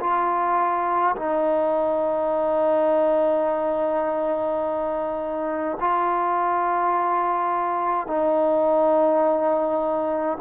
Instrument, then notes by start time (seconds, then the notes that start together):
trombone
0.00 F4
1.16 D#4
5.80 F4
8.07 D#4